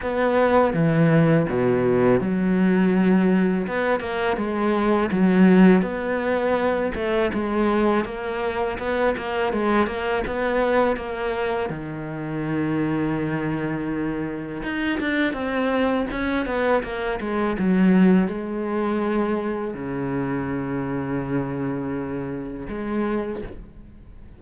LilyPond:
\new Staff \with { instrumentName = "cello" } { \time 4/4 \tempo 4 = 82 b4 e4 b,4 fis4~ | fis4 b8 ais8 gis4 fis4 | b4. a8 gis4 ais4 | b8 ais8 gis8 ais8 b4 ais4 |
dis1 | dis'8 d'8 c'4 cis'8 b8 ais8 gis8 | fis4 gis2 cis4~ | cis2. gis4 | }